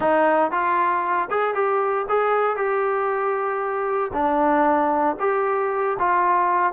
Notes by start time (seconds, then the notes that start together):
0.00 D#4
0.51 F4
1.30 G#4
1.54 G4
2.08 G#4
2.56 G4
4.13 D4
5.19 G4
5.99 F4